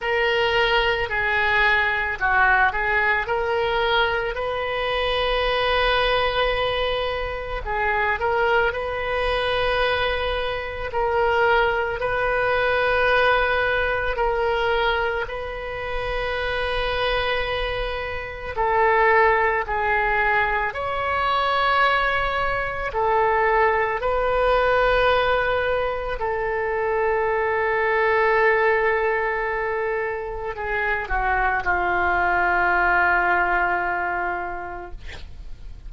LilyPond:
\new Staff \with { instrumentName = "oboe" } { \time 4/4 \tempo 4 = 55 ais'4 gis'4 fis'8 gis'8 ais'4 | b'2. gis'8 ais'8 | b'2 ais'4 b'4~ | b'4 ais'4 b'2~ |
b'4 a'4 gis'4 cis''4~ | cis''4 a'4 b'2 | a'1 | gis'8 fis'8 f'2. | }